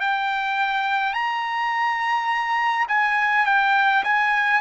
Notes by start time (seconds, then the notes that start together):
0.00 G5
1.13 A#5
2.88 G#5
3.46 G5
4.04 G#5